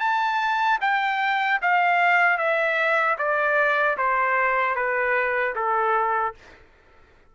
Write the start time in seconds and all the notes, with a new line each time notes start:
0.00 A5
0.81 G5
1.62 F5
2.38 E5
3.18 D5
3.98 C5
4.76 B4
5.56 A4